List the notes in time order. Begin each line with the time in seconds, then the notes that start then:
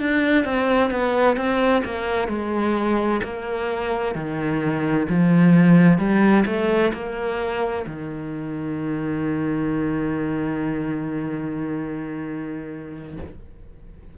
0.00 D4
0.44 C4
0.91 B3
1.37 C4
1.85 A#3
2.29 G#3
3.23 A#3
4.15 D#3
5.09 F3
5.98 G3
6.46 A3
6.94 A#3
7.87 D#3